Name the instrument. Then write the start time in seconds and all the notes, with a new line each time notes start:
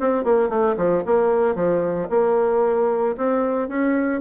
bassoon
0.00 C4
0.24 A#3
0.49 A3
0.77 F3
1.06 A#3
1.55 F3
2.10 A#3
3.17 C4
3.69 C#4